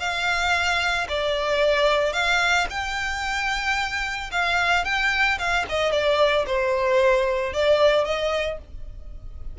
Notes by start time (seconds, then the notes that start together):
0.00 F5
1.09 D5
2.13 F5
2.70 G5
4.32 F5
4.85 G5
5.39 F5
5.69 D#5
5.92 D5
6.47 C5
7.54 D5
8.05 D#5